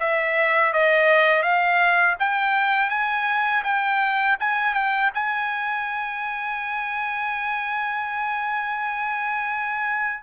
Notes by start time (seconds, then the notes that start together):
0.00 E5
0.74 D#5
1.43 F5
2.20 G5
2.90 G#5
3.64 G5
4.40 G#5
4.74 G5
5.15 G#5